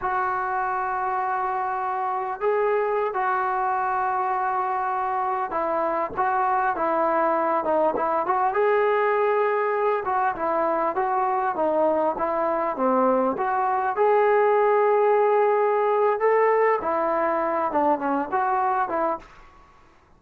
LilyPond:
\new Staff \with { instrumentName = "trombone" } { \time 4/4 \tempo 4 = 100 fis'1 | gis'4~ gis'16 fis'2~ fis'8.~ | fis'4~ fis'16 e'4 fis'4 e'8.~ | e'8. dis'8 e'8 fis'8 gis'4.~ gis'16~ |
gis'8. fis'8 e'4 fis'4 dis'8.~ | dis'16 e'4 c'4 fis'4 gis'8.~ | gis'2. a'4 | e'4. d'8 cis'8 fis'4 e'8 | }